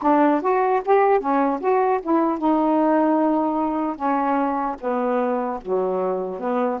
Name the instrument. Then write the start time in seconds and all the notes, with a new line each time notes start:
saxophone
0.02 D4
0.41 F#4
0.85 G4
1.20 C#4
1.60 F#4
2.02 E4
2.38 D#4
3.96 C#4
4.80 B3
5.61 F#3
6.40 B3